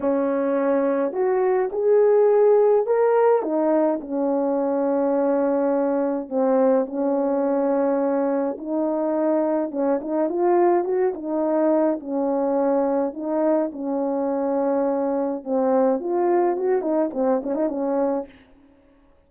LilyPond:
\new Staff \with { instrumentName = "horn" } { \time 4/4 \tempo 4 = 105 cis'2 fis'4 gis'4~ | gis'4 ais'4 dis'4 cis'4~ | cis'2. c'4 | cis'2. dis'4~ |
dis'4 cis'8 dis'8 f'4 fis'8 dis'8~ | dis'4 cis'2 dis'4 | cis'2. c'4 | f'4 fis'8 dis'8 c'8 cis'16 dis'16 cis'4 | }